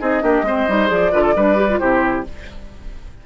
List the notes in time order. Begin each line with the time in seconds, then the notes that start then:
0.00 C4 D#4 G#4 D#5
0.21 A#3 D4 G4
0.43 G#3 C4 C5
0.69 G3 D#4
0.88 F3 G#4 D5
1.12 D3 F4 B4
1.22 A4
1.36 G3 D4 B4
1.56 G4
1.70 F4
1.79 C3 E4 G4 C5